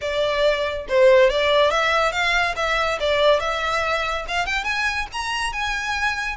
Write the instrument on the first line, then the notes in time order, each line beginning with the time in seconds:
violin
0.01 D5
0.88 C5
1.30 D5
1.70 E5
2.12 F5
2.56 E5
3.00 D5
3.40 E5
4.28 F5
4.45 G5
4.64 G#5
5.12 A#5
5.53 G#5